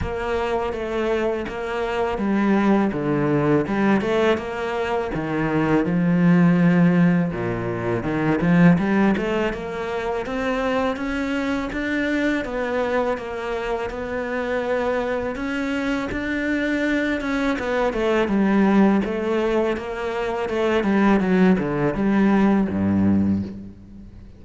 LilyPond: \new Staff \with { instrumentName = "cello" } { \time 4/4 \tempo 4 = 82 ais4 a4 ais4 g4 | d4 g8 a8 ais4 dis4 | f2 ais,4 dis8 f8 | g8 a8 ais4 c'4 cis'4 |
d'4 b4 ais4 b4~ | b4 cis'4 d'4. cis'8 | b8 a8 g4 a4 ais4 | a8 g8 fis8 d8 g4 g,4 | }